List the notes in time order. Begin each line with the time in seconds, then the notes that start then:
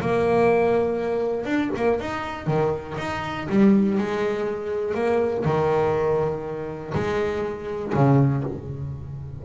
0.00 A#3
1.45 D4
1.76 A#3
1.99 D#4
2.46 D#3
2.97 D#4
3.49 G3
3.97 G#3
4.94 A#3
5.44 D#3
6.94 G#3
7.94 C#3